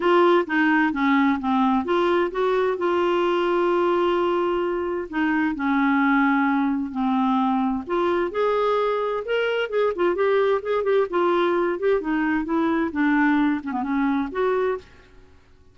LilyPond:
\new Staff \with { instrumentName = "clarinet" } { \time 4/4 \tempo 4 = 130 f'4 dis'4 cis'4 c'4 | f'4 fis'4 f'2~ | f'2. dis'4 | cis'2. c'4~ |
c'4 f'4 gis'2 | ais'4 gis'8 f'8 g'4 gis'8 g'8 | f'4. g'8 dis'4 e'4 | d'4. cis'16 b16 cis'4 fis'4 | }